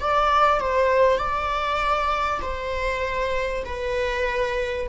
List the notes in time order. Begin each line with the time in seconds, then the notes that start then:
0.00 D5
0.60 C5
1.18 D5
2.42 C5
3.65 B4